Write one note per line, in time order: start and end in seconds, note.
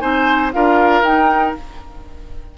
0.00 0.54 C4
0.00 0.52 D#4
0.00 0.53 C5
0.00 0.51 G#5
0.53 1.02 D4
0.53 1.04 F4
0.53 1.58 A#4
0.53 1.04 F5
1.02 1.54 D#4
1.02 1.56 D#4
1.02 1.55 G5